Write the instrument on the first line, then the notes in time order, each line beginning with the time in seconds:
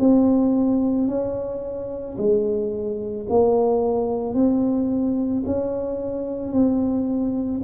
tuba
0.00 C4
1.08 C#4
2.18 G#3
3.30 A#3
4.35 C4
5.46 C#4
6.53 C4